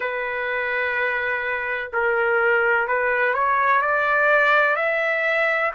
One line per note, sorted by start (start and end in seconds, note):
0.00 1.90 B4
1.92 2.87 A#4
2.87 3.34 B4
3.34 3.81 C#5
3.81 4.76 D5
4.76 5.71 E5